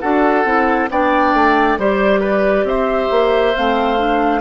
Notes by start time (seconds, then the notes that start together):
0.00 D4 F#4 A4 F#5
0.45 C4 E4
0.90 B3 D4 D5 G5
1.33 A3
1.78 G3 G4 C5 D5
2.20 B4
2.63 C4 C5 E5
3.10 A#3
3.55 A3 C4 F5
3.97 D4